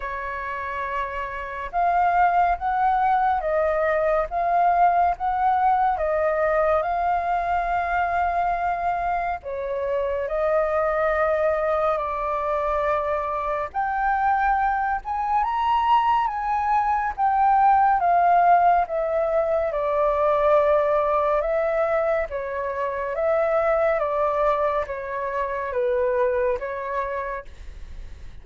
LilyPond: \new Staff \with { instrumentName = "flute" } { \time 4/4 \tempo 4 = 70 cis''2 f''4 fis''4 | dis''4 f''4 fis''4 dis''4 | f''2. cis''4 | dis''2 d''2 |
g''4. gis''8 ais''4 gis''4 | g''4 f''4 e''4 d''4~ | d''4 e''4 cis''4 e''4 | d''4 cis''4 b'4 cis''4 | }